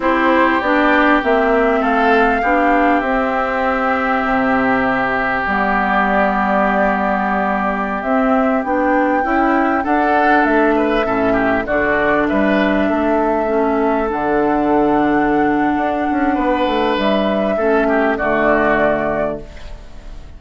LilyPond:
<<
  \new Staff \with { instrumentName = "flute" } { \time 4/4 \tempo 4 = 99 c''4 d''4 e''4 f''4~ | f''4 e''2.~ | e''4 d''2.~ | d''4~ d''16 e''4 g''4.~ g''16~ |
g''16 fis''4 e''2 d''8.~ | d''16 e''2. fis''8.~ | fis''1 | e''2 d''2 | }
  \new Staff \with { instrumentName = "oboe" } { \time 4/4 g'2. a'4 | g'1~ | g'1~ | g'2.~ g'16 e'8.~ |
e'16 a'4. b'8 a'8 g'8 fis'8.~ | fis'16 b'4 a'2~ a'8.~ | a'2. b'4~ | b'4 a'8 g'8 fis'2 | }
  \new Staff \with { instrumentName = "clarinet" } { \time 4/4 e'4 d'4 c'2 | d'4 c'2.~ | c'4 b2.~ | b4~ b16 c'4 d'4 e'8.~ |
e'16 d'2 cis'4 d'8.~ | d'2~ d'16 cis'4 d'8.~ | d'1~ | d'4 cis'4 a2 | }
  \new Staff \with { instrumentName = "bassoon" } { \time 4/4 c'4 b4 ais4 a4 | b4 c'2 c4~ | c4 g2.~ | g4~ g16 c'4 b4 cis'8.~ |
cis'16 d'4 a4 a,4 d8.~ | d16 g4 a2 d8.~ | d2 d'8 cis'8 b8 a8 | g4 a4 d2 | }
>>